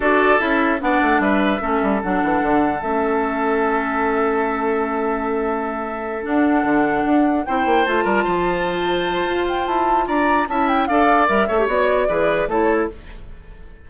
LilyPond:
<<
  \new Staff \with { instrumentName = "flute" } { \time 4/4 \tempo 4 = 149 d''4 e''4 fis''4 e''4~ | e''4 fis''2 e''4~ | e''1~ | e''2.~ e''8 fis''8~ |
fis''2~ fis''8 g''4 a''8~ | a''2.~ a''8 g''8 | a''4 ais''4 a''8 g''8 f''4 | e''4 d''2 cis''4 | }
  \new Staff \with { instrumentName = "oboe" } { \time 4/4 a'2 d''4 b'4 | a'1~ | a'1~ | a'1~ |
a'2~ a'8 c''4. | ais'8 c''2.~ c''8~ | c''4 d''4 e''4 d''4~ | d''8 cis''4. b'4 a'4 | }
  \new Staff \with { instrumentName = "clarinet" } { \time 4/4 fis'4 e'4 d'2 | cis'4 d'2 cis'4~ | cis'1~ | cis'2.~ cis'8 d'8~ |
d'2~ d'8 e'4 f'8~ | f'1~ | f'2 e'4 a'4 | ais'8 a'16 g'16 fis'4 gis'4 e'4 | }
  \new Staff \with { instrumentName = "bassoon" } { \time 4/4 d'4 cis'4 b8 a8 g4 | a8 g8 fis8 e8 d4 a4~ | a1~ | a2.~ a8 d'8~ |
d'8 d4 d'4 c'8 ais8 a8 | g8 f2~ f8 f'4 | e'4 d'4 cis'4 d'4 | g8 a8 b4 e4 a4 | }
>>